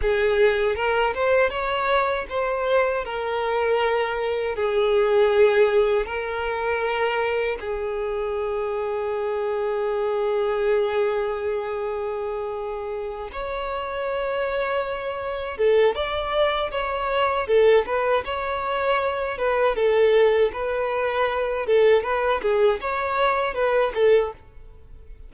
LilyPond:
\new Staff \with { instrumentName = "violin" } { \time 4/4 \tempo 4 = 79 gis'4 ais'8 c''8 cis''4 c''4 | ais'2 gis'2 | ais'2 gis'2~ | gis'1~ |
gis'4. cis''2~ cis''8~ | cis''8 a'8 d''4 cis''4 a'8 b'8 | cis''4. b'8 a'4 b'4~ | b'8 a'8 b'8 gis'8 cis''4 b'8 a'8 | }